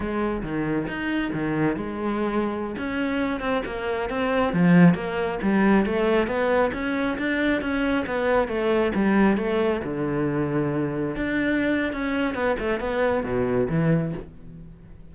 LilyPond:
\new Staff \with { instrumentName = "cello" } { \time 4/4 \tempo 4 = 136 gis4 dis4 dis'4 dis4 | gis2~ gis16 cis'4. c'16~ | c'16 ais4 c'4 f4 ais8.~ | ais16 g4 a4 b4 cis'8.~ |
cis'16 d'4 cis'4 b4 a8.~ | a16 g4 a4 d4.~ d16~ | d4~ d16 d'4.~ d'16 cis'4 | b8 a8 b4 b,4 e4 | }